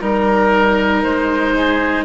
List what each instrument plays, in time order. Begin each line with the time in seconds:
0.00 bassoon G3, cello D#4, oboe A#4
1.03 bassoon G#3, oboe C5
1.57 oboe G#4